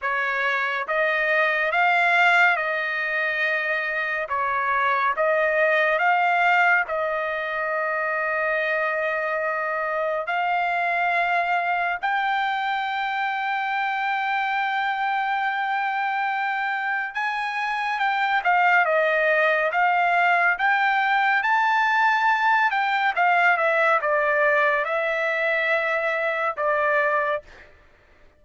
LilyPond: \new Staff \with { instrumentName = "trumpet" } { \time 4/4 \tempo 4 = 70 cis''4 dis''4 f''4 dis''4~ | dis''4 cis''4 dis''4 f''4 | dis''1 | f''2 g''2~ |
g''1 | gis''4 g''8 f''8 dis''4 f''4 | g''4 a''4. g''8 f''8 e''8 | d''4 e''2 d''4 | }